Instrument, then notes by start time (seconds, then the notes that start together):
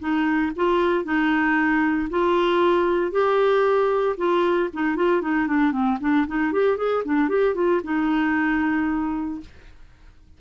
clarinet
0.00 D#4
0.56 F4
1.05 D#4
2.10 F4
3.12 G4
4.18 F4
4.74 D#4
4.97 F4
5.22 D#4
5.48 D4
5.72 C4
6.01 D4
6.27 D#4
6.53 G4
6.77 G#4
7.05 D4
7.29 G4
7.55 F4
7.84 D#4